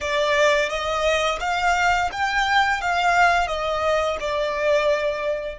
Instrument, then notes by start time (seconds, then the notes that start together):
violin
0.01 D5
0.69 D#5
1.40 F5
2.12 G5
2.81 F5
3.47 D#5
4.20 D5